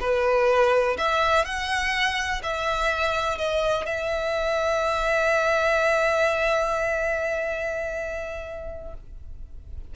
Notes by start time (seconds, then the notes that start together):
0.00 B4
0.97 E5
1.45 F#5
2.43 E5
3.38 D#5
3.85 E5